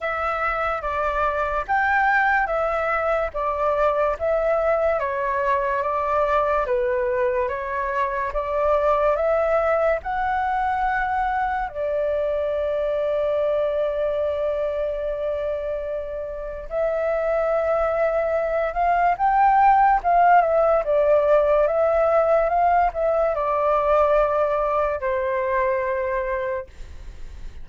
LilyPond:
\new Staff \with { instrumentName = "flute" } { \time 4/4 \tempo 4 = 72 e''4 d''4 g''4 e''4 | d''4 e''4 cis''4 d''4 | b'4 cis''4 d''4 e''4 | fis''2 d''2~ |
d''1 | e''2~ e''8 f''8 g''4 | f''8 e''8 d''4 e''4 f''8 e''8 | d''2 c''2 | }